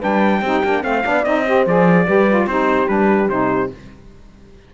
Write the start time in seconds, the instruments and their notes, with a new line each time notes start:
0.00 cello G3, saxophone D4, horn B4, trumpet G5
0.42 cello C4, saxophone D#4, horn G4
0.64 cello A#3, saxophone D4
0.83 cello A3, saxophone C4, horn C5, trumpet F5
1.04 cello B3, saxophone D4, horn D5
1.25 cello C4, saxophone D#4, trumpet D#5
1.44 saxophone G4, horn C5
1.66 cello F3, saxophone G#4, trumpet D5
2.06 cello G3, saxophone G4, horn B4
2.29 saxophone F4
2.47 cello C4, saxophone D#4, horn G4, trumpet C5
2.88 cello G3, saxophone D4, trumpet B4
3.29 cello C3, saxophone D#4, trumpet C5